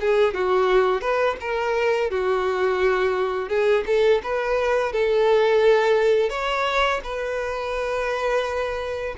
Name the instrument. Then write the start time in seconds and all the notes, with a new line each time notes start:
violin
0.00 G#4
0.34 F#4
1.01 B4
1.40 A#4
2.10 F#4
3.48 G#4
3.86 A4
4.23 B4
4.92 A4
6.29 C#5
7.03 B4